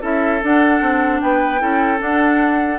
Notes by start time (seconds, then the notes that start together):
0.00 C#4 E4 A4 E5
0.42 D4 F#5
0.81 C4
1.20 B3 B4 G5
1.58 C#4 E4 A4
1.98 D4 F#5